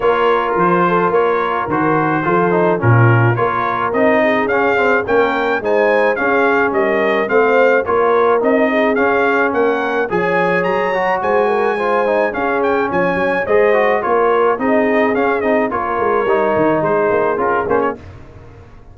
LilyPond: <<
  \new Staff \with { instrumentName = "trumpet" } { \time 4/4 \tempo 4 = 107 cis''4 c''4 cis''4 c''4~ | c''4 ais'4 cis''4 dis''4 | f''4 g''4 gis''4 f''4 | dis''4 f''4 cis''4 dis''4 |
f''4 fis''4 gis''4 ais''4 | gis''2 f''8 g''8 gis''4 | dis''4 cis''4 dis''4 f''8 dis''8 | cis''2 c''4 ais'8 c''16 cis''16 | }
  \new Staff \with { instrumentName = "horn" } { \time 4/4 ais'4. a'8 ais'2 | a'4 f'4 ais'4. gis'8~ | gis'4 ais'4 c''4 gis'4 | ais'4 c''4 ais'4. gis'8~ |
gis'4 ais'4 cis''2 | c''8 ais'8 c''4 gis'4 cis''4 | c''4 ais'4 gis'2 | ais'2 gis'2 | }
  \new Staff \with { instrumentName = "trombone" } { \time 4/4 f'2. fis'4 | f'8 dis'8 cis'4 f'4 dis'4 | cis'8 c'8 cis'4 dis'4 cis'4~ | cis'4 c'4 f'4 dis'4 |
cis'2 gis'4. fis'8~ | fis'4 f'8 dis'8 cis'2 | gis'8 fis'8 f'4 dis'4 cis'8 dis'8 | f'4 dis'2 f'8 cis'8 | }
  \new Staff \with { instrumentName = "tuba" } { \time 4/4 ais4 f4 ais4 dis4 | f4 ais,4 ais4 c'4 | cis'4 ais4 gis4 cis'4 | g4 a4 ais4 c'4 |
cis'4 ais4 f4 fis4 | gis2 cis'4 f8 fis8 | gis4 ais4 c'4 cis'8 c'8 | ais8 gis8 g8 dis8 gis8 ais8 cis'8 ais8 | }
>>